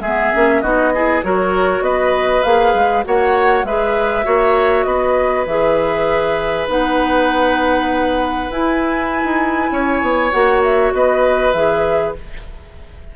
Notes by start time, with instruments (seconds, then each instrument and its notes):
0.00 bassoon G#3, clarinet B3, oboe G#4, flute E5
0.33 bassoon A#3, clarinet C#4
0.61 bassoon B3, clarinet D#4, oboe F#4, flute D#5
0.94 clarinet E4, oboe G#4
1.22 bassoon F#3, clarinet F#4, oboe A#4, flute C#5
1.81 bassoon B3, oboe B4, flute D#5
2.43 bassoon A#3, clarinet G#4, flute F5
2.74 bassoon G#3
3.04 bassoon A#3, clarinet F#4, oboe C#5, flute F#5
3.64 bassoon G#3, clarinet G#4, oboe B4, flute E5
4.23 bassoon A#3, clarinet F#4, oboe C#5
4.84 bassoon B3, oboe B4, flute D#5
5.46 bassoon E3, clarinet G#4, flute E5
6.68 bassoon B3, clarinet D#4, flute F#5
8.50 bassoon E4, clarinet E4, flute G#5
9.24 bassoon D#4
9.71 bassoon C#4, oboe C#5
10.01 bassoon B3
10.32 bassoon A#3, clarinet F#4, flute F#5
10.63 flute E5
10.93 bassoon B3, oboe B4, flute D#5
11.52 bassoon E3, clarinet G#4, flute E5